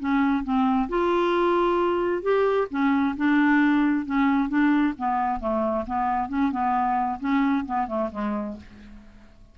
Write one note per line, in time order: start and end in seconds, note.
0.00 0.44 C#4
0.44 0.89 C4
0.89 2.23 F4
2.23 2.68 G4
2.71 3.16 C#4
3.17 4.06 D4
4.06 4.49 C#4
4.49 4.94 D4
4.98 5.41 B3
5.41 5.86 A3
5.87 6.30 B3
6.30 6.52 C#4
6.52 7.20 B3
7.20 7.65 C#4
7.66 7.88 B3
7.88 8.10 A3
8.12 8.57 G#3